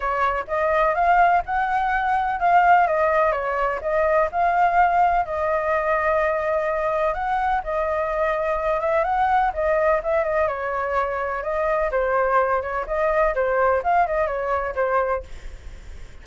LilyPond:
\new Staff \with { instrumentName = "flute" } { \time 4/4 \tempo 4 = 126 cis''4 dis''4 f''4 fis''4~ | fis''4 f''4 dis''4 cis''4 | dis''4 f''2 dis''4~ | dis''2. fis''4 |
dis''2~ dis''8 e''8 fis''4 | dis''4 e''8 dis''8 cis''2 | dis''4 c''4. cis''8 dis''4 | c''4 f''8 dis''8 cis''4 c''4 | }